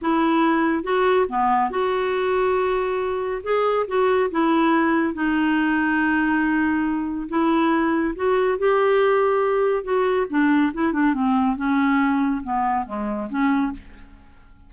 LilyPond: \new Staff \with { instrumentName = "clarinet" } { \time 4/4 \tempo 4 = 140 e'2 fis'4 b4 | fis'1 | gis'4 fis'4 e'2 | dis'1~ |
dis'4 e'2 fis'4 | g'2. fis'4 | d'4 e'8 d'8 c'4 cis'4~ | cis'4 b4 gis4 cis'4 | }